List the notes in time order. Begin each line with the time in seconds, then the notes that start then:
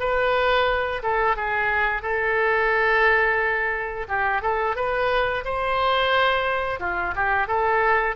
0.00 B4
1.03 A4
1.37 G#4
2.02 A4
4.08 G4
4.42 A4
4.76 B4
5.45 C5
6.80 F4
7.16 G4
7.48 A4